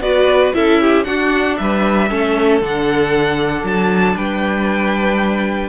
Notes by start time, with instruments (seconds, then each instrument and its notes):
0.00 cello B3, viola F#4, violin B4 D5
0.54 cello C#4, viola E4, violin A4 E5
0.81 violin G4
1.04 viola D4, cello D4, violin F#4 F#5
1.57 cello G3, violin B4 E5
2.09 cello A3, viola C#4, violin A4
2.61 cello D3, viola D4, violin F#5
3.63 cello F#3, violin A5
4.16 cello G3, violin B4 G5